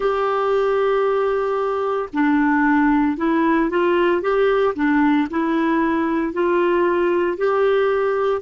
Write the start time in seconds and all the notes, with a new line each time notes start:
0.00 G4
2.13 D4
3.17 E4
3.69 F4
4.21 G4
4.75 D4
5.30 E4
6.33 F4
7.37 G4